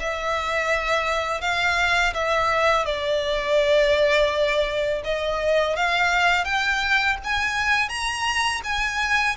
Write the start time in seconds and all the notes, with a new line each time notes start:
0.00 E5
1.41 F5
2.14 E5
2.86 D5
5.04 D#5
5.77 F5
6.45 G5
7.24 G#5
7.89 A#5
8.64 G#5